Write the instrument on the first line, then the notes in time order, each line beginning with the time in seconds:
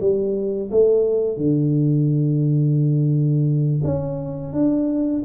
tuba
0.00 G3
0.71 A3
1.37 D3
3.83 C#4
4.53 D4